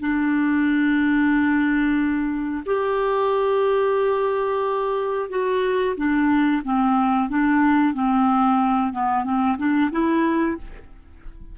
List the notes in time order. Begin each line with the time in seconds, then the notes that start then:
0.00 D4
2.66 G4
5.29 F#4
5.96 D4
6.64 C4
7.29 D4
7.94 C4
8.93 B3
9.24 C4
9.58 D4
9.91 E4